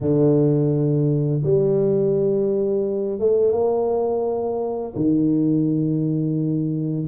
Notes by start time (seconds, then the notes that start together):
0.01 D3
1.43 G3
3.19 A3
3.52 A#3
4.95 D#3